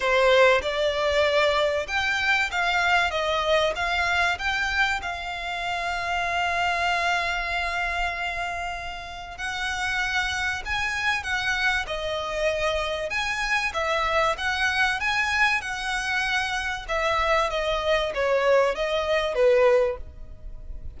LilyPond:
\new Staff \with { instrumentName = "violin" } { \time 4/4 \tempo 4 = 96 c''4 d''2 g''4 | f''4 dis''4 f''4 g''4 | f''1~ | f''2. fis''4~ |
fis''4 gis''4 fis''4 dis''4~ | dis''4 gis''4 e''4 fis''4 | gis''4 fis''2 e''4 | dis''4 cis''4 dis''4 b'4 | }